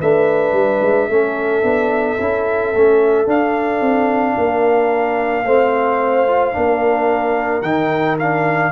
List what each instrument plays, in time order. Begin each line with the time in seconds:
0.00 tuba A3, trombone D4, horn B4, trumpet E5
0.53 tuba G3
0.81 tuba G#3
1.09 tuba A3, trombone C#4, horn A4
1.63 tuba B3, trombone D4
2.20 tuba C#4, trombone E4
2.75 tuba A3, trombone C#4
3.26 trombone D4, tuba D4, trumpet F5
3.81 tuba C4
4.37 tuba A#3, horn A#4
5.45 tuba A3, trombone C4, horn C5
6.27 trombone F4
6.52 tuba A#3, trombone D4, horn A#4
7.62 tuba D#3, trombone D#4, trumpet G5
8.19 trombone D4, trumpet F5